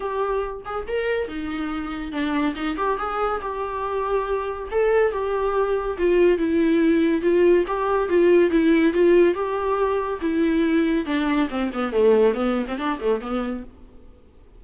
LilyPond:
\new Staff \with { instrumentName = "viola" } { \time 4/4 \tempo 4 = 141 g'4. gis'8 ais'4 dis'4~ | dis'4 d'4 dis'8 g'8 gis'4 | g'2. a'4 | g'2 f'4 e'4~ |
e'4 f'4 g'4 f'4 | e'4 f'4 g'2 | e'2 d'4 c'8 b8 | a4 b8. c'16 d'8 a8 b4 | }